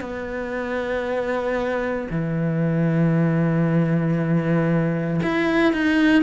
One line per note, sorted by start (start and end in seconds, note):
0.00 2.07 B3
2.10 5.20 E3
5.22 5.73 E4
5.73 6.22 D#4